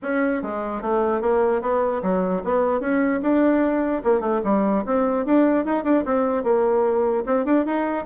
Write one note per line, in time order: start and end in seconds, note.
0.02 0.42 C#4
0.42 0.81 G#3
0.81 1.21 A3
1.21 1.61 A#3
1.61 2.02 B3
2.02 2.42 F#3
2.43 2.80 B3
2.80 3.20 C#4
3.21 4.02 D4
4.04 4.20 A#3
4.20 4.40 A3
4.44 4.84 G3
4.85 5.25 C4
5.25 5.65 D4
5.65 5.84 D#4
5.84 6.04 D4
6.05 6.43 C4
6.43 7.24 A#3
7.26 7.45 C4
7.45 7.65 D4
7.65 8.05 D#4